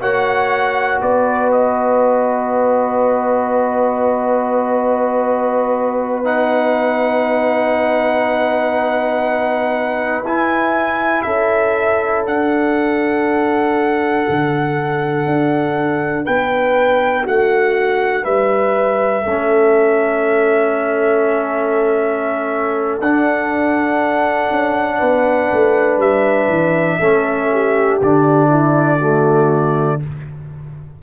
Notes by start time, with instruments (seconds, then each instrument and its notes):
0.00 tuba A#3, trombone F#4, horn C#5, trumpet F#5
1.01 tuba B3, horn B4, trumpet D5
1.51 trumpet D#5
6.24 trombone D#4, trumpet F#5
10.23 tuba E4, trombone E4, trumpet G#5
11.22 tuba C#4, horn A4, trumpet E5
12.24 tuba D4, trombone D4, trumpet F#5
14.29 tuba D3
15.25 tuba D4
16.25 tuba B3, horn B4, trumpet G5
17.23 tuba A3, horn F#4, trumpet F#5
18.23 tuba G3, horn B4, trumpet E5
19.22 tuba A3, trombone C#4, horn A4
22.99 tuba D4, trombone D4, trumpet F#5
24.50 tuba C#4
24.98 tuba B3, horn B4
25.52 tuba A3
25.97 tuba G3, trumpet E5
26.48 tuba E3
26.99 tuba A3, trombone C#4, horn A4
27.52 horn G4
28.01 tuba D3, trombone D4, trumpet D5
28.49 horn E4
28.98 trombone A3, horn F#4